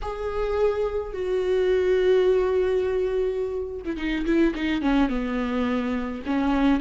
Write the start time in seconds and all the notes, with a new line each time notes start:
0.02 G#4
1.13 F#4
3.84 E4
3.96 D#4
4.25 E4
4.55 D#4
4.81 C#4
5.09 B3
6.25 C#4